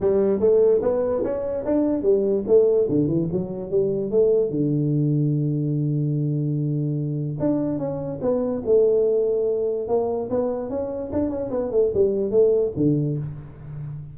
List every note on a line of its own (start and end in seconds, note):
0.00 0.40 G3
0.40 0.81 A3
0.82 1.23 B3
1.23 1.64 C#4
1.65 2.02 D4
2.02 2.43 G3
2.47 2.88 A3
2.88 3.07 D3
3.07 3.28 E3
3.31 3.70 F#3
3.70 4.10 G3
4.10 4.50 A3
4.50 7.37 D3
7.39 7.78 D4
7.78 8.19 C#4
8.21 8.62 B3
8.65 9.88 A3
9.88 10.29 A#3
10.30 10.69 B3
10.69 11.10 C#4
11.12 11.29 D4
11.29 11.50 C#4
11.50 11.71 B3
11.71 11.91 A3
11.94 12.30 G3
12.30 12.71 A3
12.76 13.17 D3